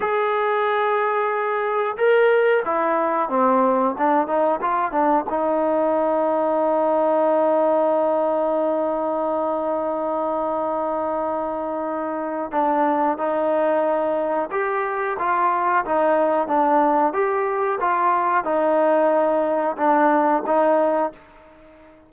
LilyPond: \new Staff \with { instrumentName = "trombone" } { \time 4/4 \tempo 4 = 91 gis'2. ais'4 | e'4 c'4 d'8 dis'8 f'8 d'8 | dis'1~ | dis'1~ |
dis'2. d'4 | dis'2 g'4 f'4 | dis'4 d'4 g'4 f'4 | dis'2 d'4 dis'4 | }